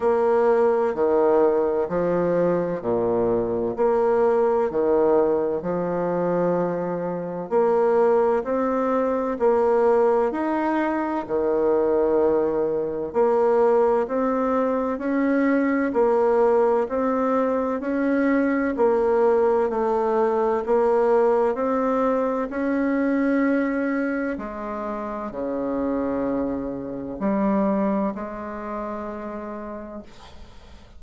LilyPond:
\new Staff \with { instrumentName = "bassoon" } { \time 4/4 \tempo 4 = 64 ais4 dis4 f4 ais,4 | ais4 dis4 f2 | ais4 c'4 ais4 dis'4 | dis2 ais4 c'4 |
cis'4 ais4 c'4 cis'4 | ais4 a4 ais4 c'4 | cis'2 gis4 cis4~ | cis4 g4 gis2 | }